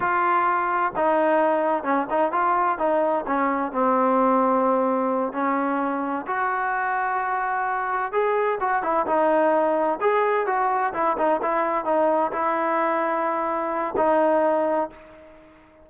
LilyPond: \new Staff \with { instrumentName = "trombone" } { \time 4/4 \tempo 4 = 129 f'2 dis'2 | cis'8 dis'8 f'4 dis'4 cis'4 | c'2.~ c'8 cis'8~ | cis'4. fis'2~ fis'8~ |
fis'4. gis'4 fis'8 e'8 dis'8~ | dis'4. gis'4 fis'4 e'8 | dis'8 e'4 dis'4 e'4.~ | e'2 dis'2 | }